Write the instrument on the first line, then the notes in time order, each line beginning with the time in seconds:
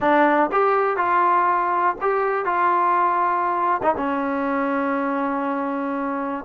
trombone
0.00 D4
0.51 G4
0.96 F4
2.01 G4
2.45 F4
3.82 D#4
3.97 C#4